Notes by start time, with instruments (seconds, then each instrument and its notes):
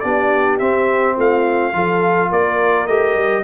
0.00 tuba B3, trombone D4, horn G4, trumpet D5
0.59 trombone C4, tuba C4, trumpet E5
1.16 tuba A3, horn F4, trumpet F5
1.73 tuba F3, trombone F4, horn A4
2.29 tuba A#3, horn A#4, trumpet D5
2.87 tuba A3, trombone G4, trumpet D#5
3.15 tuba G3